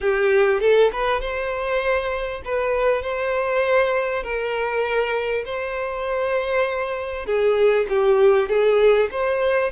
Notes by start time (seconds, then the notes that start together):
0.01 G4
0.60 A4
0.92 B4
1.21 C5
2.44 B4
3.02 C5
4.23 A#4
5.45 C5
7.26 G#4
7.89 G4
8.48 G#4
9.11 C5